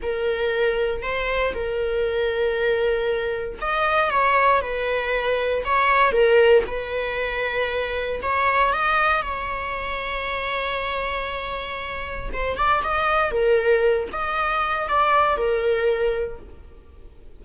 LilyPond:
\new Staff \with { instrumentName = "viola" } { \time 4/4 \tempo 4 = 117 ais'2 c''4 ais'4~ | ais'2. dis''4 | cis''4 b'2 cis''4 | ais'4 b'2. |
cis''4 dis''4 cis''2~ | cis''1 | c''8 d''8 dis''4 ais'4. dis''8~ | dis''4 d''4 ais'2 | }